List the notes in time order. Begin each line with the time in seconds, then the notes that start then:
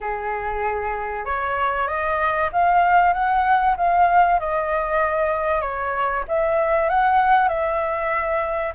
0.00 G#4
1.25 C#5
1.87 D#5
2.52 F5
3.13 F#5
3.77 F5
4.39 D#5
5.61 C#5
6.28 E5
6.89 F#5
7.48 E5